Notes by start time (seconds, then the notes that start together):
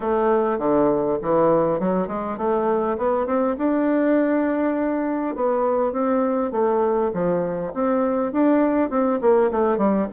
0.00 A3
0.58 D3
1.22 E3
1.79 F#3
2.07 G#3
2.37 A3
2.97 B3
3.26 C4
3.58 D4
5.35 B3
5.92 C4
6.51 A3
7.13 F3
7.74 C4
8.32 D4
8.89 C4
9.21 A#3
9.50 A3
9.77 G3